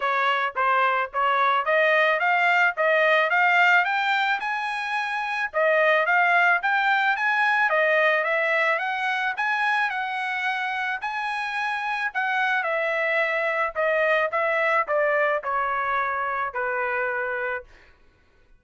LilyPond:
\new Staff \with { instrumentName = "trumpet" } { \time 4/4 \tempo 4 = 109 cis''4 c''4 cis''4 dis''4 | f''4 dis''4 f''4 g''4 | gis''2 dis''4 f''4 | g''4 gis''4 dis''4 e''4 |
fis''4 gis''4 fis''2 | gis''2 fis''4 e''4~ | e''4 dis''4 e''4 d''4 | cis''2 b'2 | }